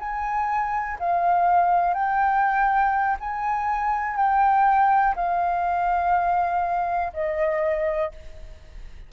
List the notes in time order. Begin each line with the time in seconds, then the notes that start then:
0.00 G#5
0.99 F5
1.94 G5
3.21 G#5
4.17 G5
5.16 F5
7.14 D#5